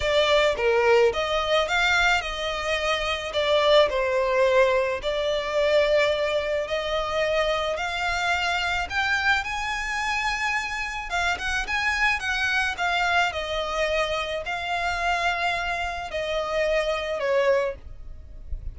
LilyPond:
\new Staff \with { instrumentName = "violin" } { \time 4/4 \tempo 4 = 108 d''4 ais'4 dis''4 f''4 | dis''2 d''4 c''4~ | c''4 d''2. | dis''2 f''2 |
g''4 gis''2. | f''8 fis''8 gis''4 fis''4 f''4 | dis''2 f''2~ | f''4 dis''2 cis''4 | }